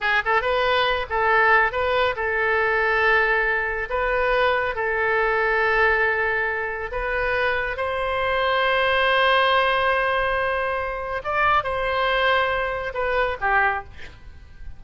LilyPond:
\new Staff \with { instrumentName = "oboe" } { \time 4/4 \tempo 4 = 139 gis'8 a'8 b'4. a'4. | b'4 a'2.~ | a'4 b'2 a'4~ | a'1 |
b'2 c''2~ | c''1~ | c''2 d''4 c''4~ | c''2 b'4 g'4 | }